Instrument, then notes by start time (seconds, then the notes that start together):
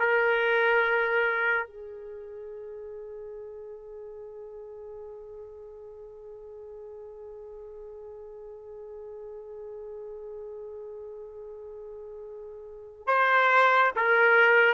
trumpet
0.00 A#4
1.67 G#4
13.08 C5
13.96 A#4